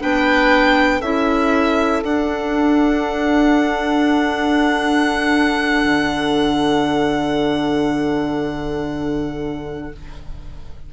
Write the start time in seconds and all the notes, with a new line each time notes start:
0.00 B3 D4 B4 G5
0.99 C#4 E4 A4 E5
2.03 D4 F#5
5.84 D3